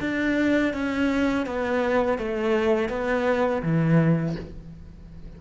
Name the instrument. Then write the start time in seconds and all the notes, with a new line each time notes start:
cello
0.00 D4
0.73 C#4
1.46 B3
2.18 A3
2.89 B3
3.62 E3